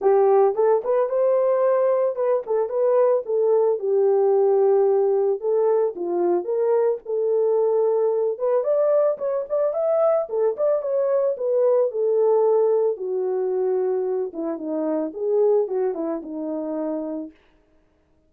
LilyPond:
\new Staff \with { instrumentName = "horn" } { \time 4/4 \tempo 4 = 111 g'4 a'8 b'8 c''2 | b'8 a'8 b'4 a'4 g'4~ | g'2 a'4 f'4 | ais'4 a'2~ a'8 b'8 |
d''4 cis''8 d''8 e''4 a'8 d''8 | cis''4 b'4 a'2 | fis'2~ fis'8 e'8 dis'4 | gis'4 fis'8 e'8 dis'2 | }